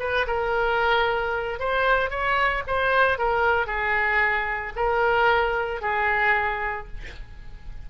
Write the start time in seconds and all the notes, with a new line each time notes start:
0.00 B4
0.27 A#4
1.60 C5
2.10 C#5
2.67 C5
3.18 A#4
3.67 G#4
4.76 A#4
5.81 G#4